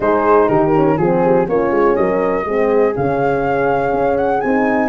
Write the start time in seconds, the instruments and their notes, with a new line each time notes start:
0.00 tuba G#3, horn D#4 G#4, flute C5
0.47 tuba D#3, horn G4, flute A#4
0.74 horn C#4
0.97 tuba F3, horn C4 G#4, flute G#4
1.25 horn G4
1.47 tuba A#3, horn C#4 F4, flute C#5
1.71 tuba G#3
1.95 tuba F#3, horn A#4, flute D#5
2.45 tuba G#3, horn C4 G#4
2.93 tuba C#3, horn C#4, flute F5
3.93 tuba C#4
4.17 flute F#5
4.40 tuba C4, horn D#4, flute G#5